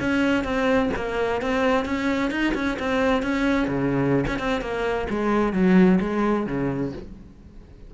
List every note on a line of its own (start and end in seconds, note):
0.00 0.44 C#4
0.44 0.90 C4
0.96 1.42 A#3
1.42 1.85 C4
1.85 2.30 C#4
2.30 2.53 D#4
2.54 2.78 C#4
2.79 3.22 C4
3.22 3.67 C#4
3.67 4.25 C#3
4.27 4.38 C#4
4.38 4.61 C4
4.61 5.07 A#3
5.09 5.53 G#3
5.53 5.99 F#3
6.00 6.46 G#3
6.46 6.93 C#3